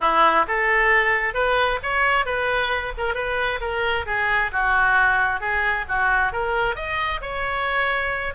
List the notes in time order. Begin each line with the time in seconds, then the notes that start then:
0.00 E4
0.47 A4
1.34 B4
1.83 C#5
2.25 B4
2.97 A#4
3.14 B4
3.60 A#4
4.06 G#4
4.52 F#4
5.40 G#4
5.88 F#4
6.32 A#4
6.75 D#5
7.21 C#5